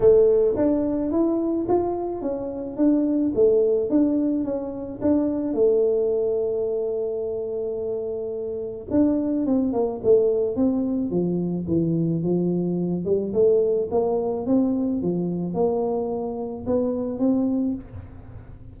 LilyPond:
\new Staff \with { instrumentName = "tuba" } { \time 4/4 \tempo 4 = 108 a4 d'4 e'4 f'4 | cis'4 d'4 a4 d'4 | cis'4 d'4 a2~ | a1 |
d'4 c'8 ais8 a4 c'4 | f4 e4 f4. g8 | a4 ais4 c'4 f4 | ais2 b4 c'4 | }